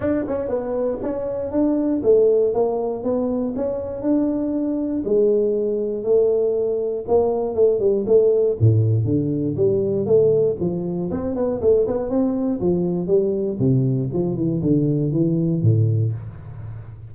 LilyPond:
\new Staff \with { instrumentName = "tuba" } { \time 4/4 \tempo 4 = 119 d'8 cis'8 b4 cis'4 d'4 | a4 ais4 b4 cis'4 | d'2 gis2 | a2 ais4 a8 g8 |
a4 a,4 d4 g4 | a4 f4 c'8 b8 a8 b8 | c'4 f4 g4 c4 | f8 e8 d4 e4 a,4 | }